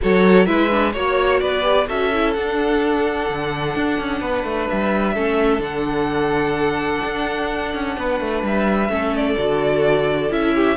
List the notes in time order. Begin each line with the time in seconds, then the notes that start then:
0.01 F#3 F#4 A4 C#5
0.45 G#3 E4 B4 E5
0.70 D4
0.93 A#3 F#4 C#5
1.40 B3 B4 D5
1.61 G4
1.88 C#4 F#4 A4 E5
2.13 E4
2.33 D4 F#5
3.29 D3
3.75 D4
3.99 C#4
4.20 B3 B4
4.44 A3
4.69 G3 E5
5.14 A3 C#4 A4
5.59 D3 D4 F#5
7.05 D4
7.74 C#4
7.96 B3 B4
8.20 A3
8.42 G3 E5
8.88 A3 C#4 A4
9.16 D5
9.37 D3 F#4
10.30 C#4 E4 E5
10.54 G4